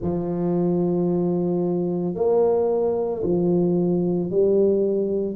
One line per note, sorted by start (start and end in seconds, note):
0.01 2.14 F3
2.14 3.21 A#3
3.23 4.30 F3
4.30 5.35 G3